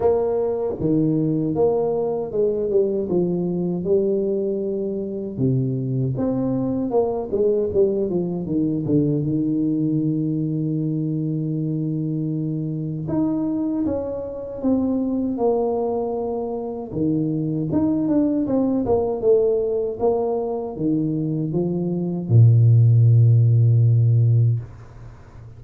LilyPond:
\new Staff \with { instrumentName = "tuba" } { \time 4/4 \tempo 4 = 78 ais4 dis4 ais4 gis8 g8 | f4 g2 c4 | c'4 ais8 gis8 g8 f8 dis8 d8 | dis1~ |
dis4 dis'4 cis'4 c'4 | ais2 dis4 dis'8 d'8 | c'8 ais8 a4 ais4 dis4 | f4 ais,2. | }